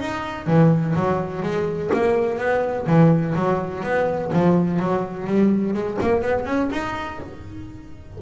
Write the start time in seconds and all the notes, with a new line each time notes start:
0.00 D#4
0.46 E3
0.95 F#3
1.42 G#3
1.94 A#3
2.38 B3
2.86 E3
3.35 F#3
3.83 B3
4.33 F3
4.79 F#3
5.27 G3
5.74 G#3
6.01 A#3
6.22 B3
6.45 C#4
6.72 D#4